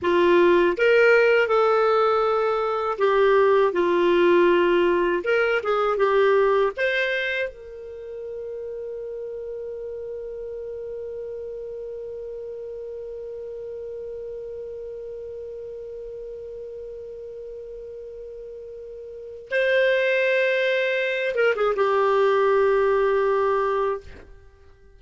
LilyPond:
\new Staff \with { instrumentName = "clarinet" } { \time 4/4 \tempo 4 = 80 f'4 ais'4 a'2 | g'4 f'2 ais'8 gis'8 | g'4 c''4 ais'2~ | ais'1~ |
ais'1~ | ais'1~ | ais'2 c''2~ | c''8 ais'16 gis'16 g'2. | }